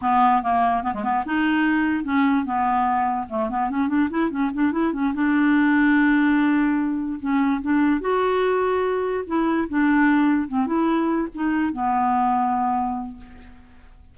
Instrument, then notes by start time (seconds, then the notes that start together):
clarinet
0.01 B3
0.42 A#3
0.83 B3
0.94 G#3
1.03 B3
1.25 D#4
2.04 C#4
2.45 B3
3.29 A3
3.49 B3
3.69 C#4
3.88 D4
4.10 E4
4.30 C#4
4.53 D4
4.72 E4
4.93 C#4
5.14 D4
7.20 C#4
7.61 D4
8.01 F#4
9.27 E4
9.69 D4
10.48 C4
10.66 E4
11.34 D#4
11.72 B3